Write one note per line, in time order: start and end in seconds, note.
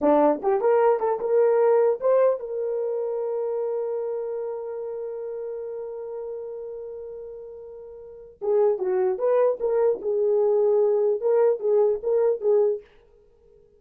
0.01 0.41 D4
0.42 0.60 G4
0.60 0.99 A#4
0.99 1.19 A4
1.20 2.00 A#4
2.00 2.39 C5
2.39 8.39 A#4
8.41 8.78 G#4
8.78 9.18 F#4
9.18 9.58 B4
9.60 10.00 A#4
10.01 11.20 G#4
11.20 11.59 A#4
11.59 11.99 G#4
12.03 12.40 A#4
12.40 12.80 G#4